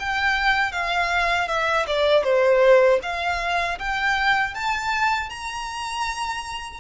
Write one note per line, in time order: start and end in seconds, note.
0.00 0.72 G5
0.72 1.48 F5
1.48 1.86 E5
1.87 2.24 D5
2.24 3.00 C5
3.03 3.79 F5
3.79 4.55 G5
4.55 5.30 A5
5.30 6.80 A#5